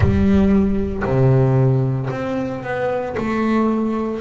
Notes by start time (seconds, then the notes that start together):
0.00 G3
1.03 C3
2.10 C4
2.63 B3
3.17 A3